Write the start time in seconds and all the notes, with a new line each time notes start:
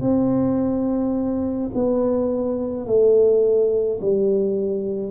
0.00 C4
1.74 B3
2.86 A3
4.00 G3